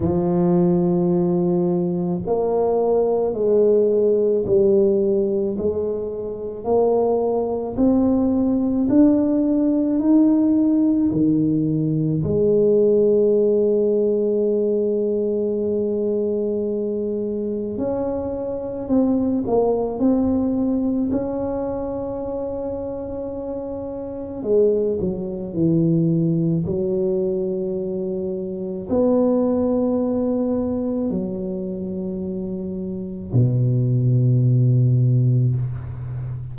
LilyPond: \new Staff \with { instrumentName = "tuba" } { \time 4/4 \tempo 4 = 54 f2 ais4 gis4 | g4 gis4 ais4 c'4 | d'4 dis'4 dis4 gis4~ | gis1 |
cis'4 c'8 ais8 c'4 cis'4~ | cis'2 gis8 fis8 e4 | fis2 b2 | fis2 b,2 | }